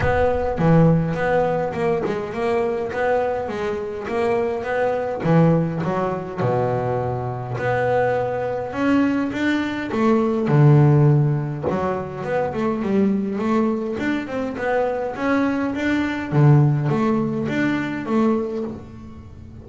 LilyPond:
\new Staff \with { instrumentName = "double bass" } { \time 4/4 \tempo 4 = 103 b4 e4 b4 ais8 gis8 | ais4 b4 gis4 ais4 | b4 e4 fis4 b,4~ | b,4 b2 cis'4 |
d'4 a4 d2 | fis4 b8 a8 g4 a4 | d'8 c'8 b4 cis'4 d'4 | d4 a4 d'4 a4 | }